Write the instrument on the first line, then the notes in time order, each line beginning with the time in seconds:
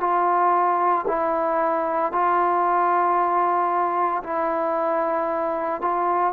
trombone
0.00 F4
1.07 E4
2.12 F4
4.23 E4
5.81 F4